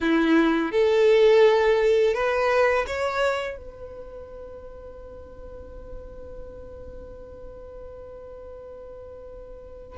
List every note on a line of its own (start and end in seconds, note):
0.01 0.71 E4
0.71 2.14 A4
2.14 2.85 B4
2.86 3.57 C#5
3.57 9.98 B4